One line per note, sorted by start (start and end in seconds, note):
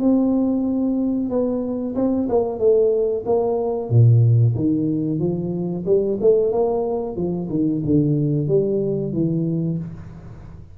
0.00 1.30 C4
1.30 1.95 B3
1.96 2.28 C4
2.29 2.59 A#3
2.59 3.24 A3
3.26 3.90 A#3
3.90 4.55 A#2
4.56 5.20 D#3
5.20 5.85 F3
5.86 6.19 G3
6.21 6.52 A3
6.52 7.16 A#3
7.16 7.49 F3
7.50 7.83 D#3
7.85 8.48 D3
8.48 9.13 G3
9.13 9.78 E3